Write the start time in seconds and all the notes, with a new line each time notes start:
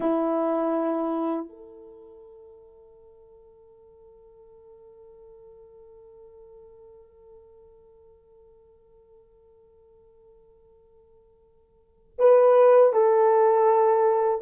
0.00 E4
1.49 A4
12.18 B4
12.93 A4